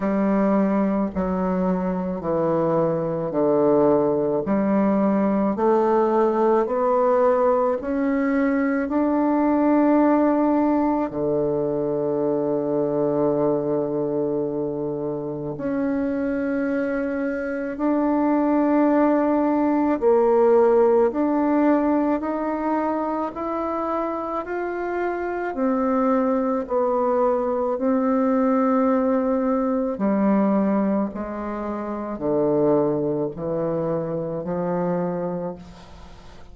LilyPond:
\new Staff \with { instrumentName = "bassoon" } { \time 4/4 \tempo 4 = 54 g4 fis4 e4 d4 | g4 a4 b4 cis'4 | d'2 d2~ | d2 cis'2 |
d'2 ais4 d'4 | dis'4 e'4 f'4 c'4 | b4 c'2 g4 | gis4 d4 e4 f4 | }